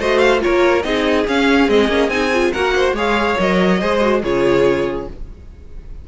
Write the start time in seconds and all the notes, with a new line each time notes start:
0.00 A3 F#4 C5 D#5
0.19 F5
0.40 F4 A#4 C#5
0.47 A#3
0.83 C4 D#4 G#4 D#5
1.28 C#4 F5
1.69 G#3 C4 D#5
1.89 A#3 C#4
2.08 C4 D#4 G#5
2.34 F4
2.53 A#3 F#4 A#4 F#5
2.76 C5
2.93 G#3 G#4 C#5 F5
3.38 F#3 A#4 D#5
3.81 G#3 G#4 C5
4.02 F#4
4.23 C#3 F4 G#4 C#5